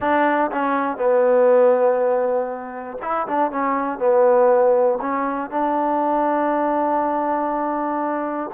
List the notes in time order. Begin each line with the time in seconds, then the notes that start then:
0.00 D4
0.51 C#4
0.97 B3
3.01 E4
3.27 D4
3.51 C#4
3.99 B3
5.01 C#4
5.50 D4